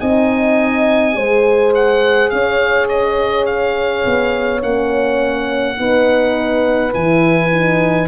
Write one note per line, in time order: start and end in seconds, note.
0.00 1.17 C4
0.00 1.14 D#4
0.00 1.17 D#5
0.00 1.74 G#5
1.14 2.32 G#3
1.14 4.60 G#4
1.14 2.32 C5
1.75 2.30 F#5
2.30 4.05 C#4
2.30 5.80 C#5
2.30 2.88 F5
2.89 3.46 D#5
3.46 4.62 F5
4.06 4.63 B3
4.62 5.79 A#3
4.62 5.77 C#4
4.62 6.94 F#5
5.77 6.95 B3
5.77 6.93 D#4
5.77 8.08 B4
6.94 8.08 E3
6.94 7.51 E4
6.94 8.08 G#5
7.53 8.08 D#4